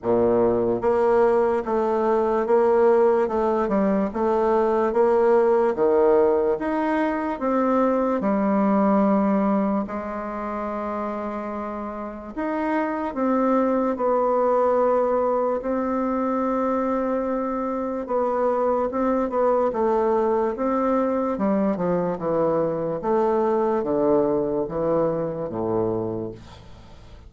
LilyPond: \new Staff \with { instrumentName = "bassoon" } { \time 4/4 \tempo 4 = 73 ais,4 ais4 a4 ais4 | a8 g8 a4 ais4 dis4 | dis'4 c'4 g2 | gis2. dis'4 |
c'4 b2 c'4~ | c'2 b4 c'8 b8 | a4 c'4 g8 f8 e4 | a4 d4 e4 a,4 | }